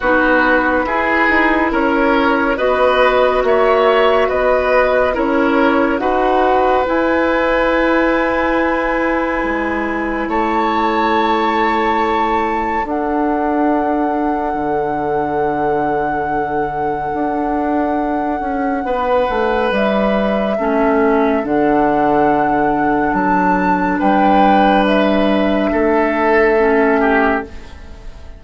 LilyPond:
<<
  \new Staff \with { instrumentName = "flute" } { \time 4/4 \tempo 4 = 70 b'2 cis''4 dis''4 | e''4 dis''4 cis''4 fis''4 | gis''1 | a''2. fis''4~ |
fis''1~ | fis''2. e''4~ | e''4 fis''2 a''4 | g''4 e''2. | }
  \new Staff \with { instrumentName = "oboe" } { \time 4/4 fis'4 gis'4 ais'4 b'4 | cis''4 b'4 ais'4 b'4~ | b'1 | cis''2. a'4~ |
a'1~ | a'2 b'2 | a'1 | b'2 a'4. g'8 | }
  \new Staff \with { instrumentName = "clarinet" } { \time 4/4 dis'4 e'2 fis'4~ | fis'2 e'4 fis'4 | e'1~ | e'2. d'4~ |
d'1~ | d'1 | cis'4 d'2.~ | d'2. cis'4 | }
  \new Staff \with { instrumentName = "bassoon" } { \time 4/4 b4 e'8 dis'8 cis'4 b4 | ais4 b4 cis'4 dis'4 | e'2. gis4 | a2. d'4~ |
d'4 d2. | d'4. cis'8 b8 a8 g4 | a4 d2 fis4 | g2 a2 | }
>>